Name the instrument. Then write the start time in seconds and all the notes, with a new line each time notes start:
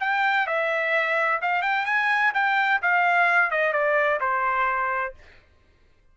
trumpet
0.00 G5
0.47 E5
1.42 F5
1.62 G5
1.86 G#5
2.34 G5
2.82 F5
3.51 D#5
3.73 D5
4.20 C5